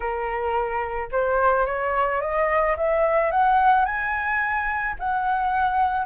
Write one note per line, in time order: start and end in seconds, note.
0.00 1.09 A#4
1.11 1.66 C5
1.66 2.21 C#5
2.21 2.76 D#5
2.76 3.31 E5
3.31 3.85 F#5
3.85 4.95 G#5
4.99 6.06 F#5